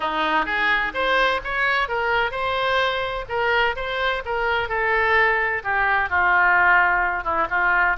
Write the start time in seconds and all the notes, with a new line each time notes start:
0.00 D#4
0.45 G#4
0.94 C5
1.43 C#5
1.88 A#4
2.31 C5
3.29 A#4
3.75 C5
4.25 A#4
4.69 A4
5.63 G4
6.09 F4
7.23 E4
7.49 F4